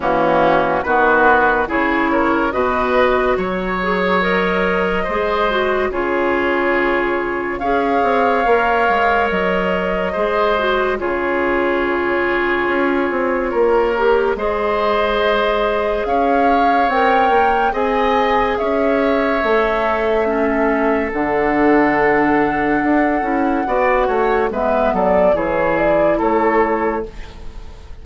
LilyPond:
<<
  \new Staff \with { instrumentName = "flute" } { \time 4/4 \tempo 4 = 71 fis'4 b'4 cis''4 dis''4 | cis''4 dis''2 cis''4~ | cis''4 f''2 dis''4~ | dis''4 cis''2.~ |
cis''4 dis''2 f''4 | g''4 gis''4 e''2~ | e''4 fis''2.~ | fis''4 e''8 d''8 cis''8 d''8 cis''4 | }
  \new Staff \with { instrumentName = "oboe" } { \time 4/4 cis'4 fis'4 gis'8 ais'8 b'4 | cis''2 c''4 gis'4~ | gis'4 cis''2. | c''4 gis'2. |
ais'4 c''2 cis''4~ | cis''4 dis''4 cis''2 | a'1 | d''8 cis''8 b'8 a'8 gis'4 a'4 | }
  \new Staff \with { instrumentName = "clarinet" } { \time 4/4 ais4 b4 e'4 fis'4~ | fis'8 gis'8 ais'4 gis'8 fis'8 f'4~ | f'4 gis'4 ais'2 | gis'8 fis'8 f'2.~ |
f'8 g'8 gis'2. | ais'4 gis'2 a'4 | cis'4 d'2~ d'8 e'8 | fis'4 b4 e'2 | }
  \new Staff \with { instrumentName = "bassoon" } { \time 4/4 e4 dis4 cis4 b,4 | fis2 gis4 cis4~ | cis4 cis'8 c'8 ais8 gis8 fis4 | gis4 cis2 cis'8 c'8 |
ais4 gis2 cis'4 | c'8 ais8 c'4 cis'4 a4~ | a4 d2 d'8 cis'8 | b8 a8 gis8 fis8 e4 a4 | }
>>